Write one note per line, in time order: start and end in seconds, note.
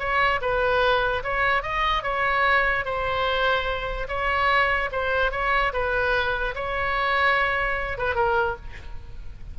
0.00 0.41 C#5
0.42 1.24 B4
1.24 1.63 C#5
1.63 2.04 D#5
2.04 2.85 C#5
2.85 4.08 C5
4.09 4.90 C#5
4.92 5.32 C5
5.32 5.73 C#5
5.73 6.55 B4
6.55 7.98 C#5
7.98 8.16 B4
8.16 8.57 A#4